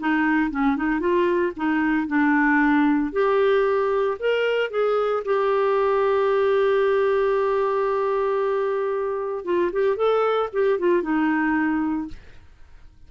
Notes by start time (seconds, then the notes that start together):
0.00 D#4
0.51 C#4
0.77 D#4
1.00 F4
1.57 D#4
2.08 D4
3.13 G4
4.20 A#4
4.71 G#4
5.25 G4
9.45 F4
9.73 G4
9.97 A4
10.53 G4
10.79 F4
11.03 D#4